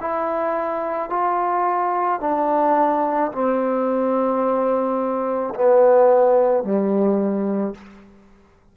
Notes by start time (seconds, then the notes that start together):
0.00 E4
1.10 F4
2.20 D4
3.32 C4
5.55 B3
6.63 G3